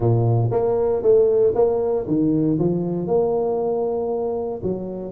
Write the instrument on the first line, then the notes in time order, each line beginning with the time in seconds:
tuba
0.00 A#2
0.51 A#3
1.02 A3
1.54 A#3
2.07 D#3
2.59 F3
3.07 A#3
4.62 F#3